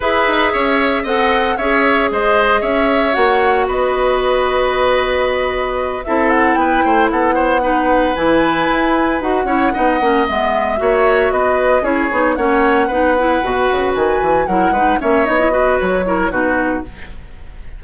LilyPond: <<
  \new Staff \with { instrumentName = "flute" } { \time 4/4 \tempo 4 = 114 e''2 fis''4 e''4 | dis''4 e''4 fis''4 dis''4~ | dis''2.~ dis''8 e''8 | fis''8 g''4 fis''2 gis''8~ |
gis''4. fis''2 e''8~ | e''4. dis''4 cis''4 fis''8~ | fis''2~ fis''8 gis''4 fis''8~ | fis''8 e''8 dis''4 cis''4 b'4 | }
  \new Staff \with { instrumentName = "oboe" } { \time 4/4 b'4 cis''4 dis''4 cis''4 | c''4 cis''2 b'4~ | b'2.~ b'8 a'8~ | a'8 b'8 c''8 a'8 c''8 b'4.~ |
b'2 cis''8 dis''4.~ | dis''8 cis''4 b'4 gis'4 cis''8~ | cis''8 b'2. ais'8 | b'8 cis''4 b'4 ais'8 fis'4 | }
  \new Staff \with { instrumentName = "clarinet" } { \time 4/4 gis'2 a'4 gis'4~ | gis'2 fis'2~ | fis'2.~ fis'8 e'8~ | e'2~ e'8 dis'4 e'8~ |
e'4. fis'8 e'8 dis'8 cis'8 b8~ | b8 fis'2 e'8 dis'8 cis'8~ | cis'8 dis'8 e'8 fis'2 e'8 | dis'8 cis'8 dis'16 e'16 fis'4 e'8 dis'4 | }
  \new Staff \with { instrumentName = "bassoon" } { \time 4/4 e'8 dis'8 cis'4 c'4 cis'4 | gis4 cis'4 ais4 b4~ | b2.~ b8 c'8~ | c'8 b8 a8 b2 e8~ |
e8 e'4 dis'8 cis'8 b8 ais8 gis8~ | gis8 ais4 b4 cis'8 b8 ais8~ | ais8 b4 b,8 cis8 dis8 e8 fis8 | gis8 ais8 b4 fis4 b,4 | }
>>